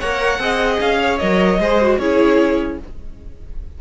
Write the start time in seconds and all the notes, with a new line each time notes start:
0.00 A#3 A#4 C#5 F#5
0.39 C4 G#4 D#5
0.80 C#4 F5
1.02 C#5
1.19 F#3 A#4 D#5
1.59 G#3 G#4 C5
1.82 F#4
1.98 C#4 E4 G#4 C#5